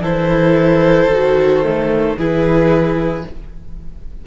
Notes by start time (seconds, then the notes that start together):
0.00 E3 E4 A4 C5
1.08 D#3 F#4
1.64 A3
2.17 E3 E4 G#4 B4